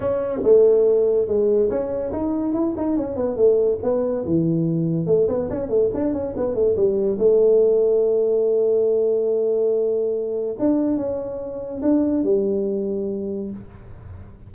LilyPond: \new Staff \with { instrumentName = "tuba" } { \time 4/4 \tempo 4 = 142 cis'4 a2 gis4 | cis'4 dis'4 e'8 dis'8 cis'8 b8 | a4 b4 e2 | a8 b8 cis'8 a8 d'8 cis'8 b8 a8 |
g4 a2.~ | a1~ | a4 d'4 cis'2 | d'4 g2. | }